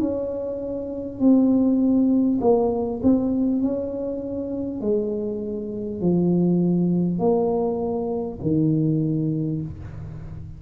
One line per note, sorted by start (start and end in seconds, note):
0.00 1.20 C#4
1.20 2.40 C4
2.41 3.01 A#3
3.03 3.62 C4
3.62 4.81 C#4
4.81 6.01 G#3
6.01 7.19 F3
7.19 8.39 A#3
8.42 9.62 D#3